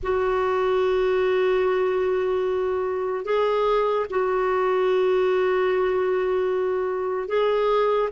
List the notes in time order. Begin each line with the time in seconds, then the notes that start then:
0.03 F#4
3.24 G#4
4.09 F#4
7.28 G#4